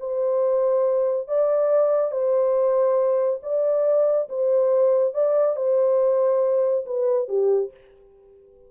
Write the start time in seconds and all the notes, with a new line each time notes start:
0.00 C5
1.28 D5
2.12 C5
3.43 D5
4.29 C5
5.14 D5
5.57 C5
6.86 B4
7.28 G4